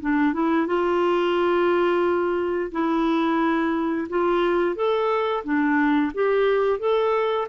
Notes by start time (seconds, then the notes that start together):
0.00 D4
0.33 E4
0.66 F4
2.71 E4
4.09 F4
4.75 A4
5.44 D4
6.14 G4
6.79 A4